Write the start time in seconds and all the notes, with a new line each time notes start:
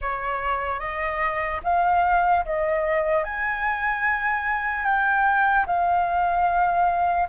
0.01 C#5
0.79 D#5
1.63 F5
2.45 D#5
3.24 G#5
4.84 G5
5.66 F5